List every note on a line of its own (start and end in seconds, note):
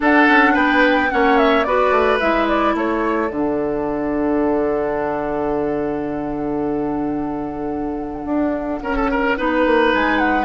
0.00 1.10 D4
0.00 0.28 D4
0.00 0.53 A4
0.00 0.56 F#5
0.28 0.55 C#4
0.53 1.10 B3
0.53 1.08 B4
0.53 1.10 G5
1.10 1.65 A#3
1.10 1.65 C#4
1.10 1.66 C#5
1.10 1.37 F#5
1.37 1.63 E5
1.63 1.91 B3
1.63 2.20 F#4
1.63 2.74 B4
1.63 2.18 D5
1.91 2.18 A3
2.19 2.74 G#3
2.19 3.29 E4
2.19 2.47 E5
2.48 2.75 D5
2.74 3.29 A3
2.74 8.80 A4
2.74 3.30 C#5
3.29 8.25 D3
3.29 9.35 D4
3.29 9.91 F#5
8.25 8.80 D4
8.82 9.37 C#4
8.82 8.96 A#4
8.96 9.10 A4
9.10 9.37 A#4
9.37 9.66 B3
9.37 10.44 D#4
9.37 10.44 B4
9.66 9.93 A#3
9.94 10.44 G#3
9.94 10.18 G#5
10.18 10.44 F#5